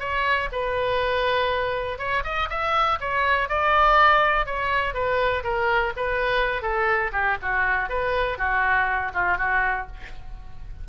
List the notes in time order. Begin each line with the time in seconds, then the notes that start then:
0.00 C#5
0.52 B4
1.99 C#5
2.24 D#5
2.50 E5
3.01 C#5
3.49 D5
4.46 C#5
4.94 B4
5.44 A#4
5.97 B4
6.62 A4
7.13 G4
7.42 F#4
7.90 B4
8.38 F#4
9.14 F4
9.38 F#4